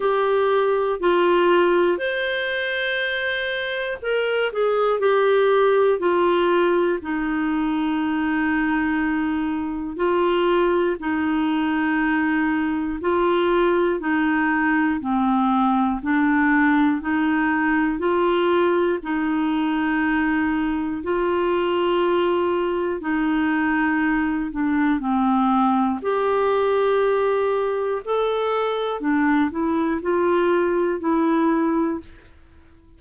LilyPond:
\new Staff \with { instrumentName = "clarinet" } { \time 4/4 \tempo 4 = 60 g'4 f'4 c''2 | ais'8 gis'8 g'4 f'4 dis'4~ | dis'2 f'4 dis'4~ | dis'4 f'4 dis'4 c'4 |
d'4 dis'4 f'4 dis'4~ | dis'4 f'2 dis'4~ | dis'8 d'8 c'4 g'2 | a'4 d'8 e'8 f'4 e'4 | }